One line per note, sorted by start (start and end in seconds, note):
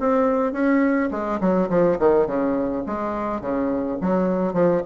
0.00 0.53 C4
0.53 1.10 C#4
1.11 1.40 G#3
1.41 1.69 F#3
1.70 1.98 F3
1.99 2.27 D#3
2.27 2.84 C#3
2.86 3.41 G#3
3.41 3.98 C#3
4.01 4.54 F#3
4.54 4.82 F3